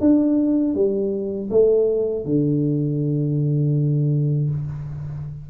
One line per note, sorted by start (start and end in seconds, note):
0.00 0.74 D4
0.74 1.49 G3
1.50 2.25 A3
2.25 4.50 D3